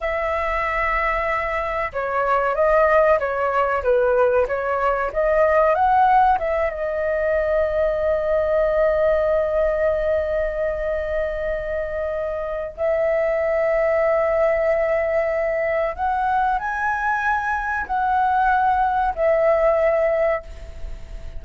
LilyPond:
\new Staff \with { instrumentName = "flute" } { \time 4/4 \tempo 4 = 94 e''2. cis''4 | dis''4 cis''4 b'4 cis''4 | dis''4 fis''4 e''8 dis''4.~ | dis''1~ |
dis''1 | e''1~ | e''4 fis''4 gis''2 | fis''2 e''2 | }